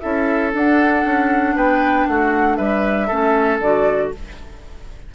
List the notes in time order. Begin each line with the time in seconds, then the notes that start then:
0.00 C#4 E4 A4 E5
0.52 D4 F#5
1.05 C#4
1.55 B3 B4 G5
2.07 A3 F#4 F#5
2.56 G3 B4 E5
3.07 A3 C#4 A4
3.60 D3 F#4 D5